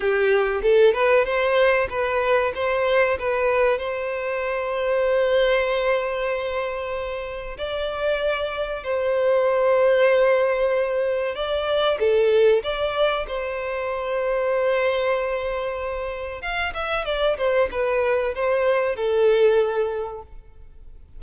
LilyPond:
\new Staff \with { instrumentName = "violin" } { \time 4/4 \tempo 4 = 95 g'4 a'8 b'8 c''4 b'4 | c''4 b'4 c''2~ | c''1 | d''2 c''2~ |
c''2 d''4 a'4 | d''4 c''2.~ | c''2 f''8 e''8 d''8 c''8 | b'4 c''4 a'2 | }